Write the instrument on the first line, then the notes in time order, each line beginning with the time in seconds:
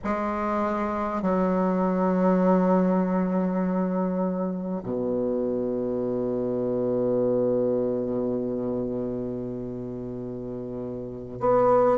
bassoon
0.03 G#3
1.22 F#3
4.83 B2
11.40 B3